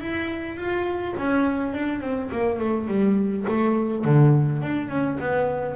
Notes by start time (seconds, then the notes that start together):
0.00 E4
0.56 F4
1.17 C#4
1.74 D4
2.01 C4
2.32 A#3
2.59 A3
2.88 G3
3.48 A3
4.05 D3
4.62 D4
4.89 C#4
5.20 B3